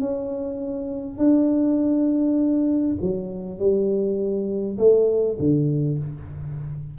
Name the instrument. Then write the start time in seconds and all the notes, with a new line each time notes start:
tuba
0.00 C#4
1.18 D4
3.01 F#3
3.59 G3
4.78 A3
5.39 D3